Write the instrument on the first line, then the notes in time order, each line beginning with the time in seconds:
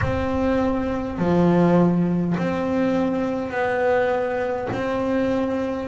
double bass
0.01 C4
1.18 F3
2.37 C4
3.50 B3
4.72 C4